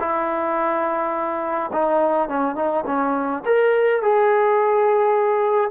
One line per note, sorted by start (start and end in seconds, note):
0.00 1.71 E4
1.73 2.29 D#4
2.29 2.56 C#4
2.56 2.84 D#4
2.87 3.44 C#4
3.46 4.03 A#4
4.03 5.71 G#4